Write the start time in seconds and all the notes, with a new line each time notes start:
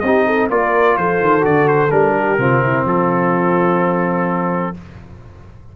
0.00 C4 G4 D#5
0.06 D#4
0.26 A4
0.50 A#3 F4 A#4 D5
0.97 F3 A4 C5
1.21 D#3
1.41 D3 F#4 D5
1.68 C5
1.90 G3 D4 A#4
2.18 G4
2.38 C3 C4 F4
2.63 E4
2.85 F3 F4 A4